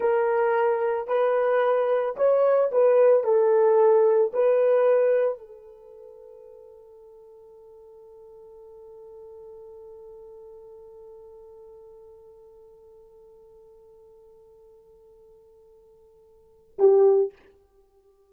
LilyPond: \new Staff \with { instrumentName = "horn" } { \time 4/4 \tempo 4 = 111 ais'2 b'2 | cis''4 b'4 a'2 | b'2 a'2~ | a'1~ |
a'1~ | a'1~ | a'1~ | a'2. g'4 | }